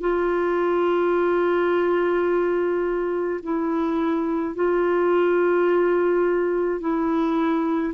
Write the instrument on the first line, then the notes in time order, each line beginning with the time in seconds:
clarinet
0.00 F4
3.42 E4
4.55 F4
6.80 E4